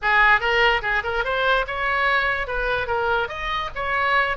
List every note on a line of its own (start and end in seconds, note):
0.02 0.40 G#4
0.40 0.81 A#4
0.82 1.02 G#4
1.03 1.24 A#4
1.24 1.65 C5
1.67 2.47 C#5
2.47 2.87 B4
2.87 3.28 A#4
3.28 3.70 D#5
3.75 4.37 C#5